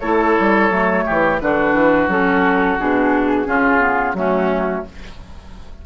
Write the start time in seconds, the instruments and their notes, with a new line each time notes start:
0.00 bassoon A3, clarinet E4, oboe A4, flute C#5
0.40 bassoon G3
0.71 bassoon F#3, clarinet A3
1.06 bassoon E3, oboe G4
1.40 bassoon D3, clarinet D4, oboe F#4, flute B4
1.74 bassoon E3
2.08 bassoon F#3, clarinet C#4, flute A4
2.80 bassoon B2, clarinet D4, flute G#4
3.46 bassoon C#3, clarinet C#4, oboe F4
3.80 clarinet B3
4.14 bassoon F#3, clarinet A3, oboe C#4, flute F#4